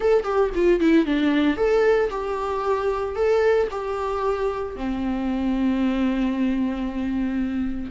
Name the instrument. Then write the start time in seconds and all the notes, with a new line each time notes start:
viola
0.00 A4
0.23 G4
0.54 F4
0.80 E4
1.05 D4
1.56 A4
2.10 G4
3.15 A4
3.70 G4
4.76 C4